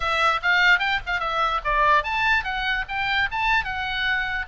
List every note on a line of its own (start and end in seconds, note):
0.00 0.40 E5
0.42 0.79 F5
0.79 0.99 G5
1.06 1.20 F5
1.20 1.60 E5
1.64 2.03 D5
2.03 2.44 A5
2.44 2.85 F#5
2.88 3.29 G5
3.31 3.64 A5
3.64 4.45 F#5